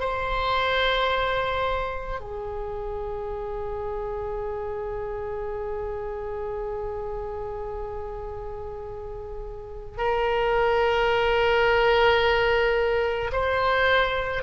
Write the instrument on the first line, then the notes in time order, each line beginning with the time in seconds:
oboe
0.00 C5
2.21 G#4
9.98 A#4
13.32 C5